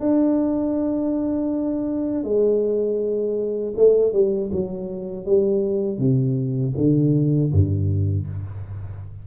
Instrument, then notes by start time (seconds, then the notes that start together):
tuba
0.00 D4
2.24 G#3
3.77 A3
4.13 G3
4.52 F#3
5.26 G3
5.99 C3
6.77 D3
7.52 G2